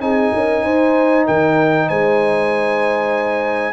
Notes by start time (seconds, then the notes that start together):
0.00 C4 D#4 G#4 G#5
0.33 C#4 A#4
0.64 D#4 C5
1.26 D#3 A#4 G5
1.87 G#3 C5 G#5